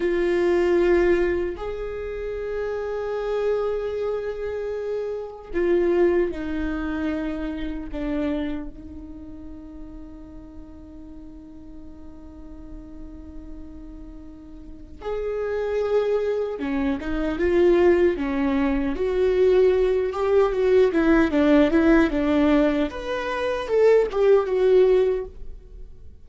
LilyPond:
\new Staff \with { instrumentName = "viola" } { \time 4/4 \tempo 4 = 76 f'2 gis'2~ | gis'2. f'4 | dis'2 d'4 dis'4~ | dis'1~ |
dis'2. gis'4~ | gis'4 cis'8 dis'8 f'4 cis'4 | fis'4. g'8 fis'8 e'8 d'8 e'8 | d'4 b'4 a'8 g'8 fis'4 | }